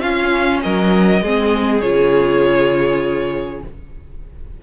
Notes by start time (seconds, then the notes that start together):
0.00 C#4 F4 F5
0.62 F#3 A#4 D#5
1.22 G#3 C4 G#4
1.81 C#3 F4 C#5